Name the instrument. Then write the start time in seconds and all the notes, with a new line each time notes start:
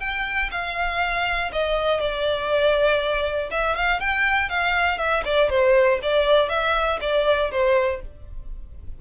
violin
0.00 G5
0.51 F5
1.52 D#5
2.00 D5
3.51 E5
3.75 F5
4.00 G5
4.49 F5
4.98 E5
5.25 D5
5.49 C5
6.02 D5
6.49 E5
7.01 D5
7.51 C5